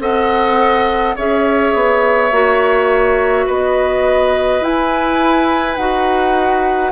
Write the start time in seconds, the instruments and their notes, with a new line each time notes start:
0.00 bassoon C4, clarinet A4, oboe D#5, flute F#5
1.16 bassoon C#4, clarinet G#4, oboe C#5, flute E5
1.75 bassoon B3
2.32 bassoon A#3, clarinet F#4
3.46 bassoon B3, oboe B4, flute D#5
4.61 clarinet E4, bassoon E4, flute G#5
5.77 bassoon D#4, clarinet F#4, flute F#5